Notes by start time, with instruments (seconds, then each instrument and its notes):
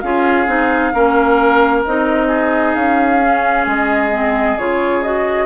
0.00 bassoon C#4, clarinet F4, oboe G#4, flute F5
0.47 bassoon C4, clarinet D#4
0.93 bassoon A#3, clarinet C#4, oboe A#4
1.84 bassoon C4, clarinet D#4, flute D#5
2.28 oboe G#4
2.74 bassoon C#4, flute F5
3.21 clarinet C#4
3.66 bassoon G#3, flute D#5
4.12 clarinet C4
4.58 bassoon C#3, clarinet F4, flute C#5
5.02 clarinet F#4, flute D#5